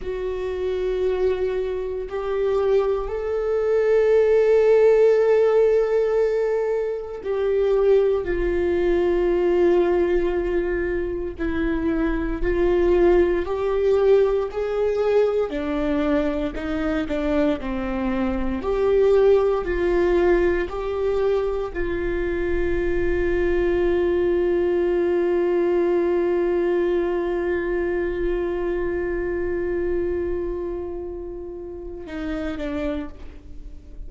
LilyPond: \new Staff \with { instrumentName = "viola" } { \time 4/4 \tempo 4 = 58 fis'2 g'4 a'4~ | a'2. g'4 | f'2. e'4 | f'4 g'4 gis'4 d'4 |
dis'8 d'8 c'4 g'4 f'4 | g'4 f'2.~ | f'1~ | f'2. dis'8 d'8 | }